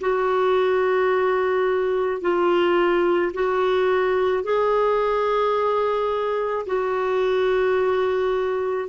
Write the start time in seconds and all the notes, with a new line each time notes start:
0.00 F#4
2.21 F4
3.33 F#4
4.43 G#4
6.66 F#4